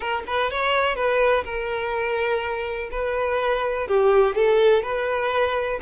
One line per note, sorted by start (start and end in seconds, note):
0.00 0.23 A#4
0.26 0.50 B4
0.50 0.95 C#5
0.95 1.44 B4
1.44 2.89 A#4
2.91 3.87 B4
3.87 4.35 G4
4.35 4.82 A4
4.82 5.79 B4